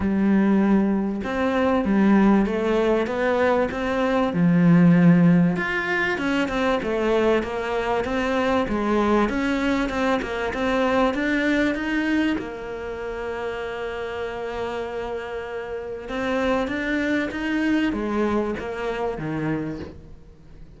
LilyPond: \new Staff \with { instrumentName = "cello" } { \time 4/4 \tempo 4 = 97 g2 c'4 g4 | a4 b4 c'4 f4~ | f4 f'4 cis'8 c'8 a4 | ais4 c'4 gis4 cis'4 |
c'8 ais8 c'4 d'4 dis'4 | ais1~ | ais2 c'4 d'4 | dis'4 gis4 ais4 dis4 | }